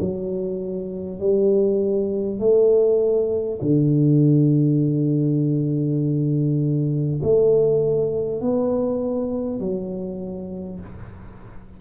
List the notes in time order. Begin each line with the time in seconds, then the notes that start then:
0.00 F#3
1.19 G3
2.39 A3
3.62 D3
7.23 A3
8.41 B3
9.60 F#3